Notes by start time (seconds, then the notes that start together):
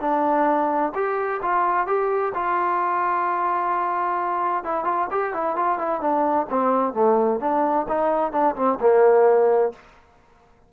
0.00 D4
0.94 G4
1.41 F4
1.86 G4
2.34 F4
4.63 E4
4.84 F4
5.10 G4
5.33 E4
5.56 F4
5.78 E4
6.00 D4
6.49 C4
6.93 A3
7.40 D4
7.88 D#4
8.32 D4
8.55 C4
8.80 A#3